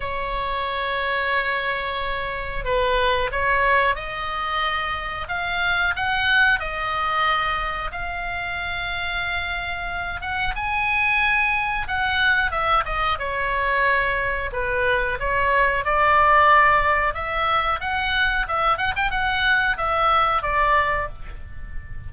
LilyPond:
\new Staff \with { instrumentName = "oboe" } { \time 4/4 \tempo 4 = 91 cis''1 | b'4 cis''4 dis''2 | f''4 fis''4 dis''2 | f''2.~ f''8 fis''8 |
gis''2 fis''4 e''8 dis''8 | cis''2 b'4 cis''4 | d''2 e''4 fis''4 | e''8 fis''16 g''16 fis''4 e''4 d''4 | }